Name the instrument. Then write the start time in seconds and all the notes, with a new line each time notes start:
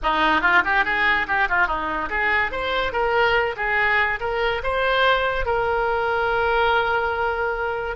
oboe
0.02 D#4
0.41 F4
0.64 G4
0.84 G#4
1.27 G4
1.48 F4
1.67 D#4
2.09 G#4
2.51 C5
2.92 A#4
3.56 G#4
4.20 A#4
4.63 C5
5.45 A#4